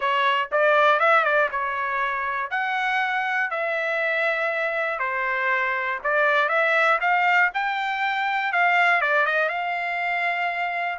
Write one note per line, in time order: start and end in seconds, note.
0.00 0.49 C#5
0.51 0.99 D5
0.99 1.24 E5
1.24 1.49 D5
1.51 2.50 C#5
2.50 3.50 F#5
3.50 4.99 E5
4.99 5.99 C5
6.03 6.49 D5
6.49 6.99 E5
7.00 7.50 F5
7.54 8.52 G5
8.52 9.01 F5
9.01 9.26 D5
9.26 9.48 D#5
9.48 10.98 F5